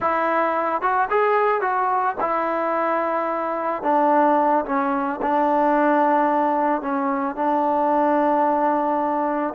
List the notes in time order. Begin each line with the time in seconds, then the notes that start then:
0.00 E4
0.81 F#4
1.10 G#4
1.61 F#4
2.20 E4
3.82 D4
4.65 C#4
5.21 D4
6.81 C#4
7.35 D4